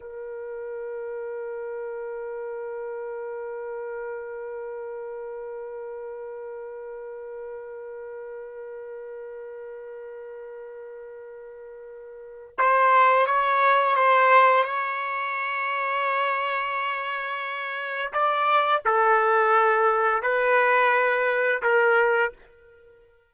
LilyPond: \new Staff \with { instrumentName = "trumpet" } { \time 4/4 \tempo 4 = 86 ais'1~ | ais'1~ | ais'1~ | ais'1~ |
ais'2 c''4 cis''4 | c''4 cis''2.~ | cis''2 d''4 a'4~ | a'4 b'2 ais'4 | }